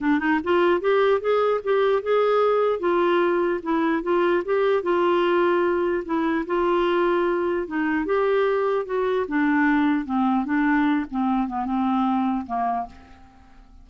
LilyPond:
\new Staff \with { instrumentName = "clarinet" } { \time 4/4 \tempo 4 = 149 d'8 dis'8 f'4 g'4 gis'4 | g'4 gis'2 f'4~ | f'4 e'4 f'4 g'4 | f'2. e'4 |
f'2. dis'4 | g'2 fis'4 d'4~ | d'4 c'4 d'4. c'8~ | c'8 b8 c'2 ais4 | }